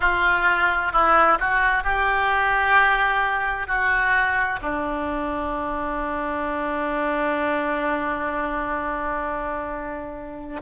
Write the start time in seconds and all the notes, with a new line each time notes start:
0.00 F4
0.92 E4
1.39 F#4
1.83 G4
3.67 F#4
4.61 D4